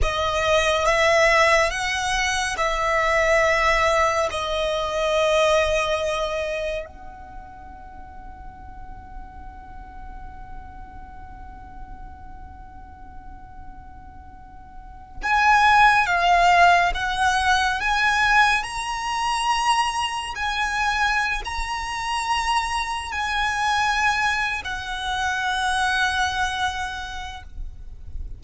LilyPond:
\new Staff \with { instrumentName = "violin" } { \time 4/4 \tempo 4 = 70 dis''4 e''4 fis''4 e''4~ | e''4 dis''2. | fis''1~ | fis''1~ |
fis''4.~ fis''16 gis''4 f''4 fis''16~ | fis''8. gis''4 ais''2 gis''16~ | gis''4 ais''2 gis''4~ | gis''8. fis''2.~ fis''16 | }